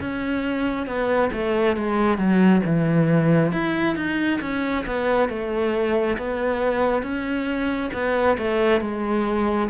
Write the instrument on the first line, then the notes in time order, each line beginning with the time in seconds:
cello
0.00 C#4
0.86 B3
1.32 A3
1.76 G#3
2.17 F#3
2.65 E3
3.52 E4
3.95 D#4
4.41 C#4
4.86 B3
5.29 A3
6.17 B3
7.02 C#4
7.93 B3
8.37 A3
8.81 G#3